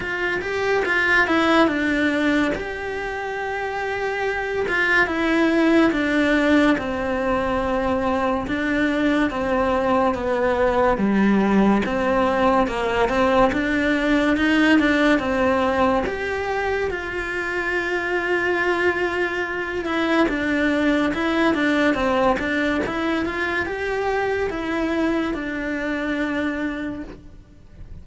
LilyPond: \new Staff \with { instrumentName = "cello" } { \time 4/4 \tempo 4 = 71 f'8 g'8 f'8 e'8 d'4 g'4~ | g'4. f'8 e'4 d'4 | c'2 d'4 c'4 | b4 g4 c'4 ais8 c'8 |
d'4 dis'8 d'8 c'4 g'4 | f'2.~ f'8 e'8 | d'4 e'8 d'8 c'8 d'8 e'8 f'8 | g'4 e'4 d'2 | }